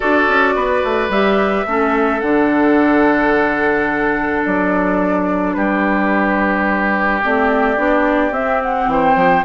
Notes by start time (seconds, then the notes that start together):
0.00 D4 F#4 A4 D5
0.28 C#4
0.55 B3 B4
0.83 A3
1.09 G3 G4 E5
1.66 A3 C#4 A4
2.20 D3 D4 F#5
4.44 F#3 D5
5.53 G3 G4 B4
7.22 A3 C4 D5
7.76 B3 D4
8.31 C4 E5
8.62 F#5
8.87 E3 C5 G5
9.15 F3